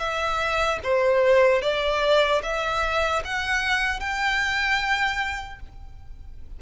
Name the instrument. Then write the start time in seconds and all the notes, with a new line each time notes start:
violin
0.00 E5
0.84 C5
1.62 D5
2.43 E5
3.25 F#5
4.00 G5